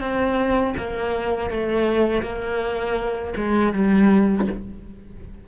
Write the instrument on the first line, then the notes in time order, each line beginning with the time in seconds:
cello
0.00 C4
0.77 A#3
1.50 A3
2.23 A#3
3.36 G#3
3.73 G3